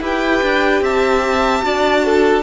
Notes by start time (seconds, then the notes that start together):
0.00 E4 G4 B4 G5
0.42 D4
0.81 C4 E5 A5
1.62 D4 F#4 D5
2.05 A4